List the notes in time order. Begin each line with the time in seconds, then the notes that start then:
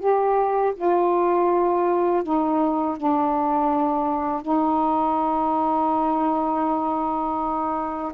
0.00 G4
0.76 F4
2.24 D#4
2.98 D4
4.42 D#4